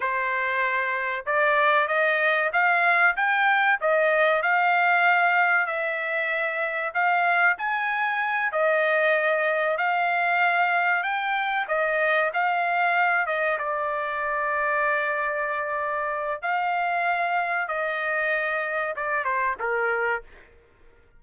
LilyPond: \new Staff \with { instrumentName = "trumpet" } { \time 4/4 \tempo 4 = 95 c''2 d''4 dis''4 | f''4 g''4 dis''4 f''4~ | f''4 e''2 f''4 | gis''4. dis''2 f''8~ |
f''4. g''4 dis''4 f''8~ | f''4 dis''8 d''2~ d''8~ | d''2 f''2 | dis''2 d''8 c''8 ais'4 | }